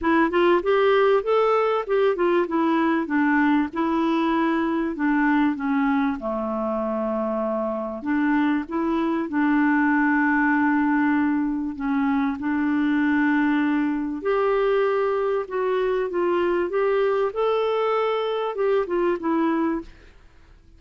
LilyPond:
\new Staff \with { instrumentName = "clarinet" } { \time 4/4 \tempo 4 = 97 e'8 f'8 g'4 a'4 g'8 f'8 | e'4 d'4 e'2 | d'4 cis'4 a2~ | a4 d'4 e'4 d'4~ |
d'2. cis'4 | d'2. g'4~ | g'4 fis'4 f'4 g'4 | a'2 g'8 f'8 e'4 | }